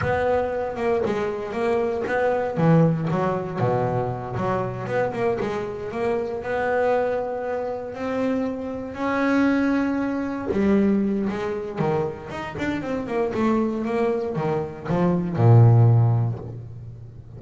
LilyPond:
\new Staff \with { instrumentName = "double bass" } { \time 4/4 \tempo 4 = 117 b4. ais8 gis4 ais4 | b4 e4 fis4 b,4~ | b,8 fis4 b8 ais8 gis4 ais8~ | ais8 b2. c'8~ |
c'4. cis'2~ cis'8~ | cis'8 g4. gis4 dis4 | dis'8 d'8 c'8 ais8 a4 ais4 | dis4 f4 ais,2 | }